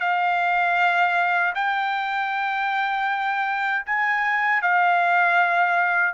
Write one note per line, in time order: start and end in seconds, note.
0.00 1.54 F5
1.55 3.86 G5
3.86 4.62 G#5
4.62 6.14 F5